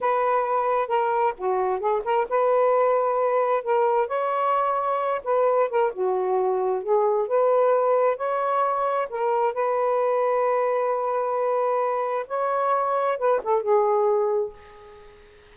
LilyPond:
\new Staff \with { instrumentName = "saxophone" } { \time 4/4 \tempo 4 = 132 b'2 ais'4 fis'4 | gis'8 ais'8 b'2. | ais'4 cis''2~ cis''8 b'8~ | b'8 ais'8 fis'2 gis'4 |
b'2 cis''2 | ais'4 b'2.~ | b'2. cis''4~ | cis''4 b'8 a'8 gis'2 | }